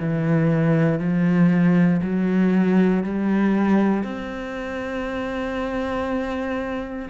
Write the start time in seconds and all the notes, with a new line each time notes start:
0.00 E3
0.99 F3
2.02 F#3
3.04 G3
4.04 C4